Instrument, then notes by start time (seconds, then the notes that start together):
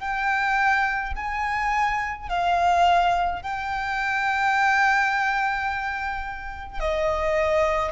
violin
0.00 G5
1.16 G#5
2.29 F5
3.42 G5
6.80 D#5